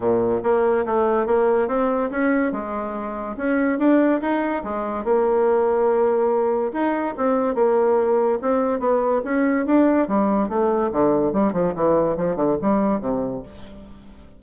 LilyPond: \new Staff \with { instrumentName = "bassoon" } { \time 4/4 \tempo 4 = 143 ais,4 ais4 a4 ais4 | c'4 cis'4 gis2 | cis'4 d'4 dis'4 gis4 | ais1 |
dis'4 c'4 ais2 | c'4 b4 cis'4 d'4 | g4 a4 d4 g8 f8 | e4 f8 d8 g4 c4 | }